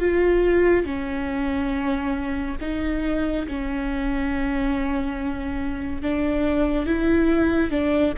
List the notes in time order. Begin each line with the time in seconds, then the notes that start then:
0.00 F4
0.85 C#4
2.61 D#4
3.48 C#4
6.02 D4
6.86 E4
7.71 D4